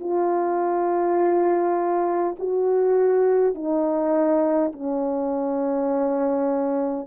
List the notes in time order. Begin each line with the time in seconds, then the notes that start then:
0.00 F4
2.39 F#4
3.55 D#4
4.73 C#4